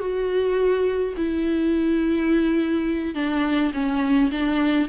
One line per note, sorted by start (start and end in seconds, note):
0.00 1.14 F#4
1.17 3.15 E4
3.15 3.72 D4
3.74 4.31 C#4
4.32 4.89 D4